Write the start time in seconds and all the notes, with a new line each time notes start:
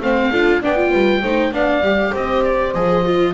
0.00 A3 C4 C5 F5
0.30 D4 F4 A4
0.61 B3 D4 D5 G5
0.75 F4
0.91 G3 B4
1.22 A3 D#4 C5
1.52 B3 D4 D5 F5
1.81 G3 G4
2.11 C4 C5 D#5
2.43 D5
2.73 F3 G#4 D#5
3.05 F4